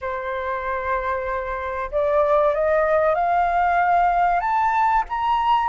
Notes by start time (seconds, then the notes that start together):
0.01 C5
1.91 D5
2.54 D#5
3.14 F5
4.40 A5
5.09 A#5